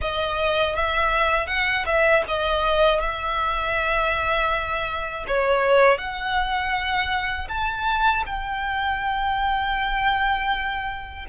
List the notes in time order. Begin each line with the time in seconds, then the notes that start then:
0.01 D#5
0.75 E5
1.47 F#5
1.85 E5
2.28 D#5
3.00 E5
5.27 C#5
5.98 F#5
7.48 A5
8.25 G5